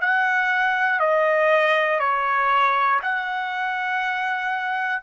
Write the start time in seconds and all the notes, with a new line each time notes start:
0.00 F#5
1.00 D#5
2.00 C#5
3.02 F#5